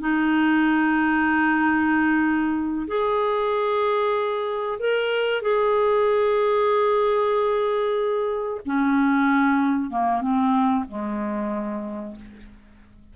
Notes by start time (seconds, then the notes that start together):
0.00 D#4
2.88 G#4
4.80 A#4
5.42 G#4
8.66 C#4
9.91 A#3
10.21 C4
10.88 G#3